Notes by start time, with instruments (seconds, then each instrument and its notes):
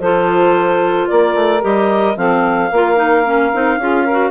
0.00 bassoon F3, clarinet F4 C5, saxophone A4
1.08 bassoon A#3, saxophone A#4, clarinet D5
1.35 bassoon A3
1.61 bassoon G3, clarinet G4 D#5
2.16 bassoon F3, clarinet C4 F5, saxophone A4
2.71 bassoon A#3, clarinet F4, saxophone A#4
2.96 clarinet D#4
3.26 clarinet C#4
3.53 bassoon C4, clarinet D#4
3.78 bassoon C#4, clarinet F4, saxophone G#4
4.04 saxophone A#4
4.11 clarinet F#4